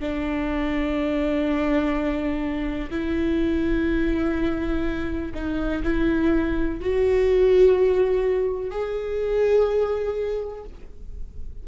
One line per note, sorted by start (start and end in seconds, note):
0.00 2.90 D4
2.91 5.33 E4
5.35 5.83 D#4
5.84 6.80 E4
6.81 8.71 F#4
8.71 10.65 G#4